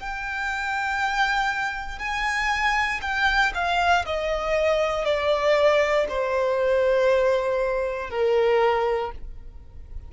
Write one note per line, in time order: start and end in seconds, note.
0.00 1.99 G5
1.99 3.01 G#5
3.02 3.53 G5
3.55 4.05 F5
4.06 5.05 D#5
5.05 6.07 D5
6.09 8.10 C5
8.10 9.12 A#4